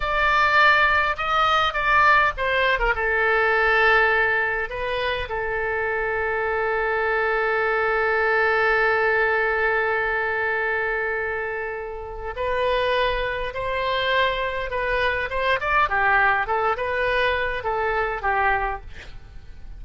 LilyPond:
\new Staff \with { instrumentName = "oboe" } { \time 4/4 \tempo 4 = 102 d''2 dis''4 d''4 | c''8. ais'16 a'2. | b'4 a'2.~ | a'1~ |
a'1~ | a'4 b'2 c''4~ | c''4 b'4 c''8 d''8 g'4 | a'8 b'4. a'4 g'4 | }